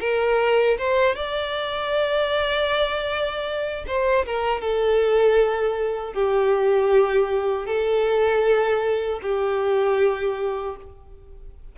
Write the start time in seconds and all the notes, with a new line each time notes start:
0.00 A#4
0.78 C5
1.15 D5
3.87 C5
4.26 A#4
4.61 A4
6.13 G4
7.66 A4
9.22 G4